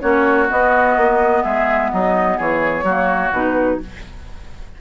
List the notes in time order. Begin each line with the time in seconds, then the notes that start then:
0.00 A#3 C#4 F#4 C#5
0.49 B3 D#5
0.97 A#3
1.43 G#3 G#4 E5
1.91 F#3 D#4 D#5
2.37 E3 G#4 C#5
2.83 F#3 A#3 F#4
3.31 B2 D#4 B4